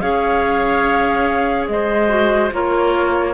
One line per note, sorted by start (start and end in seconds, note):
0.00 1.68 C#4
0.00 2.08 G#4
0.00 1.68 C#5
0.00 1.67 F5
1.68 2.51 G#3
1.68 2.54 C5
1.68 2.51 D#5
2.08 2.50 F#4
2.52 3.34 A#3
2.52 3.34 F4
2.52 3.34 A#4
2.52 3.34 C#5